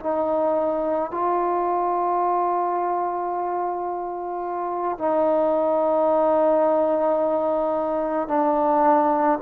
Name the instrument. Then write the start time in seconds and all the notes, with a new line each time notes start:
trombone
0.00 D#4
1.11 F4
4.98 D#4
8.28 D4